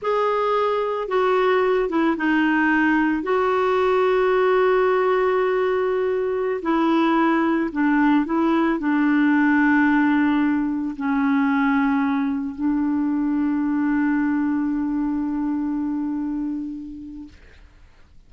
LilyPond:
\new Staff \with { instrumentName = "clarinet" } { \time 4/4 \tempo 4 = 111 gis'2 fis'4. e'8 | dis'2 fis'2~ | fis'1~ | fis'16 e'2 d'4 e'8.~ |
e'16 d'2.~ d'8.~ | d'16 cis'2. d'8.~ | d'1~ | d'1 | }